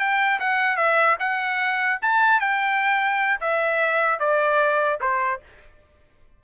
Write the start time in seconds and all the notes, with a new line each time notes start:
0.00 G5
0.40 F#5
0.77 E5
1.20 F#5
2.02 A5
2.41 G5
3.41 E5
4.20 D5
5.01 C5